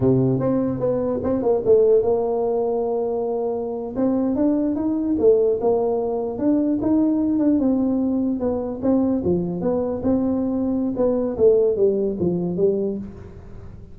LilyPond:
\new Staff \with { instrumentName = "tuba" } { \time 4/4 \tempo 4 = 148 c4 c'4 b4 c'8 ais8 | a4 ais2.~ | ais4.~ ais16 c'4 d'4 dis'16~ | dis'8. a4 ais2 d'16~ |
d'8. dis'4. d'8 c'4~ c'16~ | c'8. b4 c'4 f4 b16~ | b8. c'2~ c'16 b4 | a4 g4 f4 g4 | }